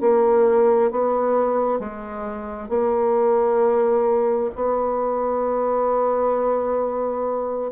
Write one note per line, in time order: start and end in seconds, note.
0.00 0.90 A#3
0.90 1.79 B3
1.79 2.69 G#3
2.69 4.50 A#3
4.55 7.71 B3